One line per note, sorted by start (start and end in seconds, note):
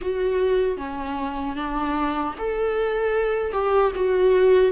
0.01 0.77 F#4
0.77 1.55 C#4
1.55 2.34 D4
2.38 3.52 A4
3.52 3.91 G4
3.95 4.71 F#4